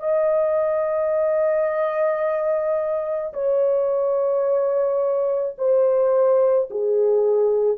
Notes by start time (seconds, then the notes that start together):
0.00 D#5
3.34 C#5
5.59 C5
6.71 G#4